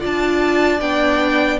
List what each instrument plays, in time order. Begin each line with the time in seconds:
0.00 cello D4, viola F4, violin D5 A5
0.80 cello B3, viola D4, violin G5